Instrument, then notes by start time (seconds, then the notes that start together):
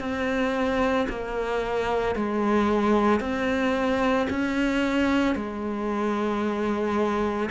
cello
0.00 C4
1.09 A#3
2.15 G#3
3.20 C4
4.30 C#4
5.35 G#3